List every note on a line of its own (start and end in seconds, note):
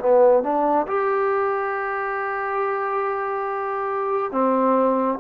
0.00 0.43 B3
0.43 0.87 D4
0.87 4.32 G4
4.32 5.19 C4